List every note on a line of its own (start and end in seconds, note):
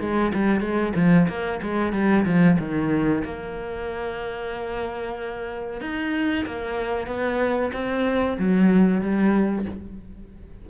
0.00 0.32 G#3
0.34 0.61 G3
0.61 0.93 G#3
0.95 1.28 F3
1.28 1.61 A#3
1.62 1.93 G#3
1.93 2.25 G3
2.26 2.58 F3
2.59 3.23 D#3
3.24 5.81 A#3
5.81 6.45 D#4
6.45 7.07 A#3
7.07 7.71 B3
7.73 8.37 C4
8.38 9.01 F#3
9.01 9.65 G3